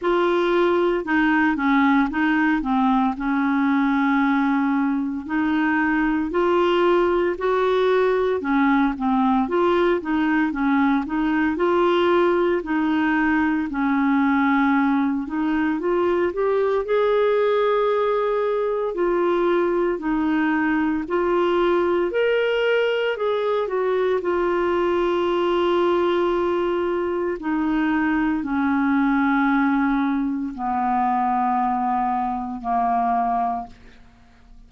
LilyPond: \new Staff \with { instrumentName = "clarinet" } { \time 4/4 \tempo 4 = 57 f'4 dis'8 cis'8 dis'8 c'8 cis'4~ | cis'4 dis'4 f'4 fis'4 | cis'8 c'8 f'8 dis'8 cis'8 dis'8 f'4 | dis'4 cis'4. dis'8 f'8 g'8 |
gis'2 f'4 dis'4 | f'4 ais'4 gis'8 fis'8 f'4~ | f'2 dis'4 cis'4~ | cis'4 b2 ais4 | }